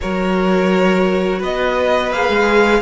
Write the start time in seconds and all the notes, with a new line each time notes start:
0.01 F#3 F#4 A#4 C#5
1.39 B3 B4 D#5
2.11 A#3 G#4 F5
2.29 G#3